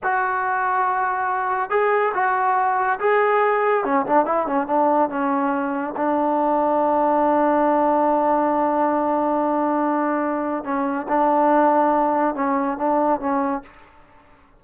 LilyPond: \new Staff \with { instrumentName = "trombone" } { \time 4/4 \tempo 4 = 141 fis'1 | gis'4 fis'2 gis'4~ | gis'4 cis'8 d'8 e'8 cis'8 d'4 | cis'2 d'2~ |
d'1~ | d'1~ | d'4 cis'4 d'2~ | d'4 cis'4 d'4 cis'4 | }